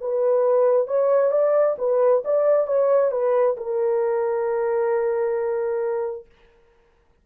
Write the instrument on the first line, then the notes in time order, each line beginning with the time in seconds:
horn
0.00 B4
0.87 C#5
1.31 D5
1.78 B4
2.24 D5
2.67 C#5
3.11 B4
3.57 A#4